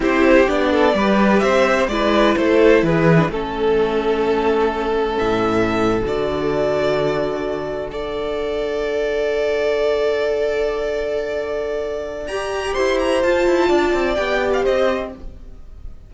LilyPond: <<
  \new Staff \with { instrumentName = "violin" } { \time 4/4 \tempo 4 = 127 c''4 d''2 e''4 | d''4 c''4 b'4 a'4~ | a'2. e''4~ | e''8. d''2.~ d''16~ |
d''8. fis''2.~ fis''16~ | fis''1~ | fis''2 ais''4 c'''8 ais''8 | a''2 g''8. f''16 dis''4 | }
  \new Staff \with { instrumentName = "violin" } { \time 4/4 g'4. a'8 b'4 c''4 | b'4 a'4 gis'4 a'4~ | a'1~ | a'1~ |
a'8. d''2.~ d''16~ | d''1~ | d''2. c''4~ | c''4 d''2 c''4 | }
  \new Staff \with { instrumentName = "viola" } { \time 4/4 e'4 d'4 g'2 | e'2~ e'8. d'16 cis'4~ | cis'1~ | cis'8. fis'2.~ fis'16~ |
fis'8. a'2.~ a'16~ | a'1~ | a'2 g'2 | f'2 g'2 | }
  \new Staff \with { instrumentName = "cello" } { \time 4/4 c'4 b4 g4 c'4 | gis4 a4 e4 a4~ | a2. a,4~ | a,8. d2.~ d16~ |
d8. d'2.~ d'16~ | d'1~ | d'2 g'4 e'4 | f'8 e'8 d'8 c'8 b4 c'4 | }
>>